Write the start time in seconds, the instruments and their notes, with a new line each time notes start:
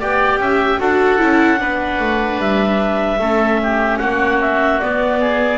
0.00 double bass B3, viola G4, oboe D5, clarinet G5
0.39 double bass C#4, oboe E5
0.79 double bass D4, viola F#4, oboe A4, clarinet F#5
1.19 double bass C#4, viola E4
1.57 double bass B3, viola D4, oboe B4
2.00 double bass A3
2.39 double bass G3, clarinet E5
3.19 double bass A3, viola C#4, oboe A4
3.63 oboe G4
3.98 double bass A#3, oboe F#4, clarinet F#5
4.41 clarinet E5
4.80 viola B3, double bass B3, clarinet D5
5.21 oboe G#4